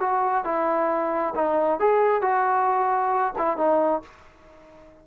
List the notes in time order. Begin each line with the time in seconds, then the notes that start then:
0.00 F#4
0.44 E4
1.35 D#4
1.80 G#4
2.22 F#4
3.38 E4
3.57 D#4